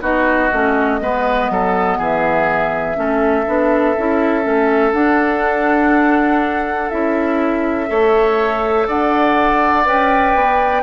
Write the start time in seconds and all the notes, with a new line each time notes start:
0.00 B3 D#4 F#4 D#5
0.51 A3 C#4
1.00 G#3 B3 B4
1.49 F#3 A4
1.98 E3 G#4 E5
2.95 A3 C#4 A4
3.45 B3 D4
3.98 C#4 E4
4.43 A3 C#4
4.93 D4 F#5
6.89 C#4 E4 E5
7.86 A3 A4 C#5
8.87 D4 D5 F#5
9.85 C#4 B4 G5
10.34 B3